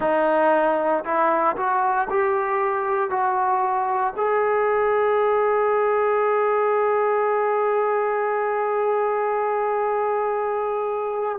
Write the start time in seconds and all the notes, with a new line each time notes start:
0.00 D#4
1.04 E4
1.56 F#4
2.09 G4
3.10 F#4
4.16 G#4